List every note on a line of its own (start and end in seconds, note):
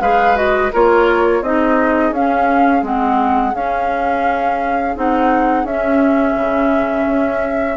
0.00 0.71 G#3
0.00 0.35 G#4
0.00 0.72 B4
0.00 0.36 F5
0.35 0.70 F#4
0.35 0.72 D#5
0.72 1.42 A#3
0.72 1.44 F4
0.72 1.42 A#4
0.72 1.43 C#5
1.42 2.11 C4
1.42 2.14 D#4
1.42 7.77 G#4
1.42 2.13 D#5
2.11 2.82 C#4
2.11 2.84 F5
2.82 3.53 G#3
2.82 3.53 C4
2.82 3.55 F#5
3.54 4.95 C#4
3.54 4.96 F5
4.95 5.64 C4
4.95 5.66 D#4
4.95 5.66 F#5
5.64 6.34 C#4
5.64 7.77 C#4
5.64 7.77 E5
6.35 7.06 C#3
7.07 7.77 C#4